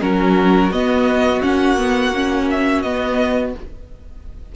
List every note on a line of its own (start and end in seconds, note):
0.00 0.71 F#3
0.00 0.71 C#4
0.00 3.55 F#4
0.00 0.72 A#4
0.71 1.42 B3
0.71 1.42 D#5
1.42 2.84 A#3
1.42 1.77 C#4
1.42 2.48 F#5
1.77 2.13 B3
2.14 2.85 C#4
2.50 2.82 E5
2.82 3.54 B3
2.82 3.55 B3
2.82 3.52 D#5